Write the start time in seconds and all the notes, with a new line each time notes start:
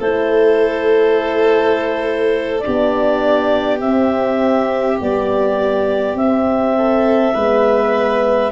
0.00 A3 E4 A4 C5
2.60 D4 G4 D5
2.67 B3
3.80 C4 E5
5.01 G3 B3 D5
6.15 C4 E5
6.76 A4
7.34 G#3 B3 B4